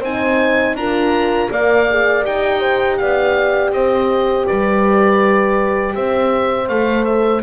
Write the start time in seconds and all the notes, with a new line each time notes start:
0.00 C4 D#4 C5 G#5
0.74 D4 F4 A#4 A#5
1.50 A#3 A#4 D5 F5
1.90 G#4
2.23 D#4 G4 G5
2.60 C5
2.97 B3 D5 F5
3.71 C4 C5 D#5
4.46 G3 B4 D5
5.94 C4 C5 E5
6.68 A3 A4 F5
7.04 E5